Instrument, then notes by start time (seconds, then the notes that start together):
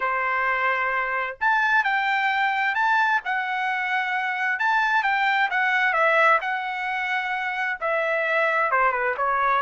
trumpet
0.00 C5
1.40 A5
1.83 G5
2.75 A5
3.24 F#5
4.59 A5
5.03 G5
5.50 F#5
5.93 E5
6.41 F#5
7.80 E5
8.71 C5
8.92 B4
9.17 C#5